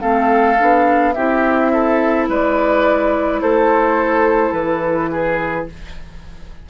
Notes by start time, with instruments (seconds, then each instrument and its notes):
0.00 bassoon A3, clarinet C4, oboe A4, flute F5
0.58 bassoon B3, clarinet D4
1.13 bassoon C4, clarinet E4, oboe G4, flute E5
1.73 oboe A4
2.29 bassoon G#3, oboe B4, flute D5
3.41 bassoon A3, oboe A4, flute C5
4.52 bassoon E3, flute B4
5.11 oboe G#4